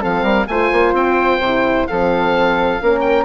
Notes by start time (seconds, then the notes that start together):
0.00 F3 C4 A4 F5
0.23 G3 A#4
0.47 A3 F4 C5 G#5
0.72 A#3
0.93 C4 G5
1.39 C3 E4
1.87 F3 C4 A4 F5
2.80 A#3 C#4 A#4
3.00 G5